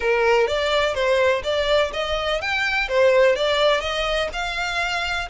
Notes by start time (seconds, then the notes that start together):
0.00 A#4
0.47 D5
0.94 C5
1.43 D5
1.93 D#5
2.41 G5
2.88 C5
3.35 D5
3.80 D#5
4.32 F5